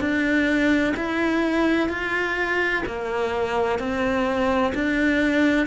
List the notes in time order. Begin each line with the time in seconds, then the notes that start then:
0.00 D4
0.96 E4
1.89 F4
2.86 A#3
3.79 C4
4.74 D4